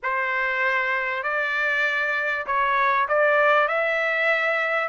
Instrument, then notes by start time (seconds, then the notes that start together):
trumpet
0.02 C5
1.23 D5
2.46 C#5
3.08 D5
3.68 E5